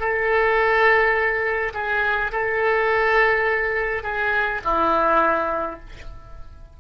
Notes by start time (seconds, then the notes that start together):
0.00 A4
1.74 G#4
2.32 A4
4.03 G#4
4.65 E4